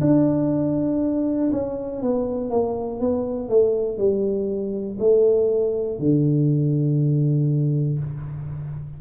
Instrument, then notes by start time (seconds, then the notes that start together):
tuba
0.00 D4
1.51 C#4
2.01 B3
2.50 A#3
3.00 B3
3.49 A3
3.98 G3
4.99 A3
5.99 D3